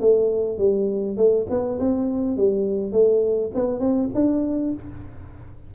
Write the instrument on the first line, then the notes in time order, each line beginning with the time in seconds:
tuba
0.00 A3
0.58 G3
1.17 A3
1.50 B3
1.79 C4
2.37 G3
2.92 A3
3.55 B3
3.80 C4
4.15 D4